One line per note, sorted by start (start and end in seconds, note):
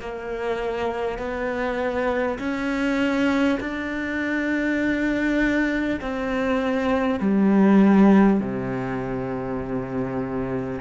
0.00 1.18 A#3
1.18 2.38 B3
2.39 3.59 C#4
3.61 6.01 D4
6.01 7.20 C4
7.20 8.40 G3
8.41 10.81 C3